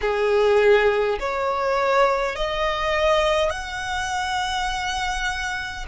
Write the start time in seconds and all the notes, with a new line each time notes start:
0.01 G#4
1.19 C#5
2.35 D#5
3.50 F#5